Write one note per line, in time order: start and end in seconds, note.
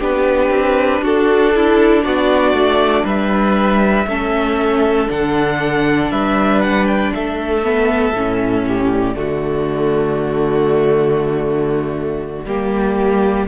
0.00 0.50 B3
0.00 4.07 D4
0.00 1.02 G4
0.00 1.05 B4
0.50 1.01 C4
1.02 2.03 D4
1.02 1.53 F#4
1.02 2.04 A4
1.55 2.04 E4
2.04 2.53 B3
2.04 3.04 F#4
2.04 3.06 D5
2.53 3.04 A3
3.04 4.06 G3
3.04 4.06 B4
3.04 5.10 E5
4.07 5.08 A3
4.07 5.08 C#4
4.07 6.12 A4
5.08 6.11 D3
5.08 7.62 D4
5.08 6.11 F#5
6.11 7.12 G3
6.11 7.14 B4
6.11 6.61 E5
6.61 6.87 F#5
6.87 7.13 G5
7.14 8.14 A3
7.14 8.68 A4
7.14 8.92 E5
7.64 8.15 B3
8.14 9.15 A2
8.14 9.15 C#4
8.68 9.17 G4
8.92 13.48 D5
9.15 12.46 D3
9.15 12.46 A3
9.15 12.47 F#4
12.46 13.47 G3
12.46 13.48 A#3
12.46 13.48 G4